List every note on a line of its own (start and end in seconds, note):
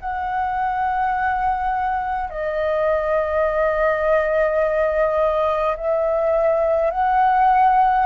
0.00 2.30 F#5
2.30 5.76 D#5
5.76 6.90 E5
6.90 8.06 F#5